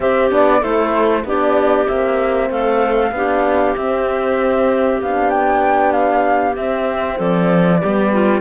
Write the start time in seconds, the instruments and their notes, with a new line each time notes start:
0.00 horn C4, cello C4, clarinet G4, flute E5
0.30 cello B3, horn D4, flute D5
0.59 cello A3, horn E4, clarinet A4, flute C5
1.24 cello B3, horn D4, clarinet G4, flute D5
1.86 cello A#3, horn C4, flute E5
2.49 cello A3, clarinet A4, flute F5
3.11 cello B3, horn D4, clarinet G4
3.76 horn C4, cello C4, flute E5
5.01 cello B3, horn D4, flute F5
5.29 flute G5
5.91 flute F5
6.56 horn C4, cello C4, flute E5
7.17 cello F3, clarinet A4, flute D5
7.80 cello G3, horn B3, clarinet G4
8.12 clarinet F4